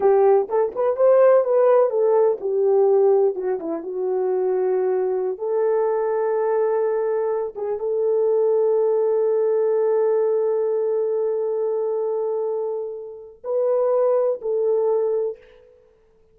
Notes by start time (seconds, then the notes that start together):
0.00 G4
0.48 A4
0.75 B4
0.96 C5
1.44 B4
1.90 A4
2.40 G4
3.35 F#4
3.59 E4
3.82 F#4
5.37 A4
7.55 G#4
7.79 A4
13.44 B4
14.41 A4